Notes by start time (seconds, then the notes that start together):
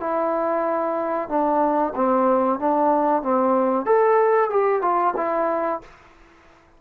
0.00 E4
1.29 D4
1.95 C4
2.59 D4
3.23 C4
3.86 A4
4.50 G4
4.82 F4
5.16 E4